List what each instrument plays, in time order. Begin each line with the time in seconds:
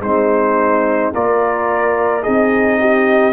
0.00 tuba G#3, trombone C4, horn D#4, trumpet C5
1.13 tuba A#3, trombone F4, horn A#4, trumpet D5
2.23 tuba C4, trombone D#4, horn G#4, trumpet D#5
2.80 horn G4